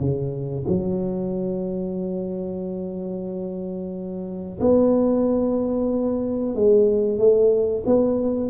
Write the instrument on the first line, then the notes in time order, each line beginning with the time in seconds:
tuba
0.00 C#3
0.68 F#3
4.60 B3
6.55 G#3
7.19 A3
7.86 B3